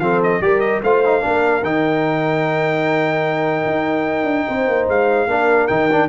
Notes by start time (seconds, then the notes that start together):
0.00 F3 C4 A4 F5
0.24 D#5
0.41 G3 G4 A#4 D5
0.61 D#5
0.83 A3 F4 C5 F5
1.06 D#4
1.22 A#3 D4 A#4
1.62 D#3 D#4 G5
3.66 D#4
4.24 D4
4.48 C4 C5
4.68 A#3
4.89 G#3 F5
5.27 A#3 D4 A#4
5.68 D#3 D#4 G5
5.92 D4